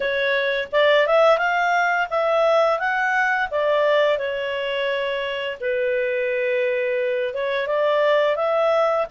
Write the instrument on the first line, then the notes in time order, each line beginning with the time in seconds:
clarinet
0.00 C#5
0.72 D5
1.06 E5
1.38 F5
2.10 E5
2.79 F#5
3.51 D5
4.18 C#5
5.60 B4
7.34 C#5
7.67 D5
8.36 E5